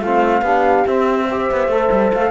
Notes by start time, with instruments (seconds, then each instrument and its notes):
0.00 cello A3, trombone C4, horn F4, flute F5
0.42 cello B3, trombone D4, horn G4
0.87 cello C4, trombone C4, flute E5
1.29 trombone G4, horn C5
1.51 cello B3
1.68 cello A3, trombone A4
1.91 cello G3
2.13 cello A3, flute F5